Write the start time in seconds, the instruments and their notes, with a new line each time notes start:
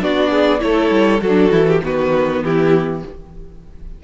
0.00 cello B3, viola D4, violin F#4 D5
0.30 violin G#4
0.59 cello A3, viola E4, violin A4 C#5
0.90 cello G3
1.21 cello F#3, viola F#4, violin A4
1.27 violin D4
1.51 cello E3, violin E4
1.67 violin G4
1.83 cello D#3, viola B3, violin F#4 B4
2.42 cello E3, violin E4 G4